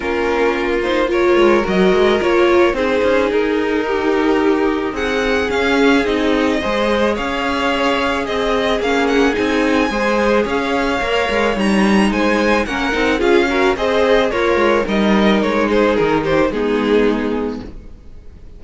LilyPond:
<<
  \new Staff \with { instrumentName = "violin" } { \time 4/4 \tempo 4 = 109 ais'4. c''8 cis''4 dis''4 | cis''4 c''4 ais'2~ | ais'4 fis''4 f''4 dis''4~ | dis''4 f''2 dis''4 |
f''8 fis''8 gis''2 f''4~ | f''4 ais''4 gis''4 fis''4 | f''4 dis''4 cis''4 dis''4 | cis''8 c''8 ais'8 c''8 gis'2 | }
  \new Staff \with { instrumentName = "violin" } { \time 4/4 f'2 ais'2~ | ais'4 gis'2 g'4~ | g'4 gis'2. | c''4 cis''2 gis'4~ |
gis'2 c''4 cis''4~ | cis''2 c''4 ais'4 | gis'8 ais'8 c''4 f'4 ais'4~ | ais'8 gis'4 g'8 dis'2 | }
  \new Staff \with { instrumentName = "viola" } { \time 4/4 cis'4. dis'8 f'4 fis'4 | f'4 dis'2.~ | dis'2 cis'4 dis'4 | gis'1 |
cis'4 dis'4 gis'2 | ais'4 dis'2 cis'8 dis'8 | f'8 fis'8 gis'4 ais'4 dis'4~ | dis'2 b2 | }
  \new Staff \with { instrumentName = "cello" } { \time 4/4 ais2~ ais8 gis8 fis8 gis8 | ais4 c'8 cis'8 dis'2~ | dis'4 c'4 cis'4 c'4 | gis4 cis'2 c'4 |
ais4 c'4 gis4 cis'4 | ais8 gis8 g4 gis4 ais8 c'8 | cis'4 c'4 ais8 gis8 g4 | gis4 dis4 gis2 | }
>>